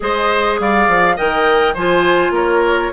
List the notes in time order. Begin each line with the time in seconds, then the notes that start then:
0.00 G#3 G#4 C5 D#5
0.59 G3 D5 F5
0.87 F3
1.16 D#3 A#4 D#5 G5
1.73 F3 F4 C5 G#5
2.30 A#3 A#4 C#5